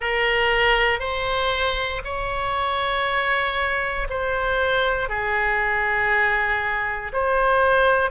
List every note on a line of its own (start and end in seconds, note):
0.00 0.99 A#4
0.99 2.01 C5
2.04 4.07 C#5
4.09 5.08 C5
5.08 7.12 G#4
7.12 8.10 C5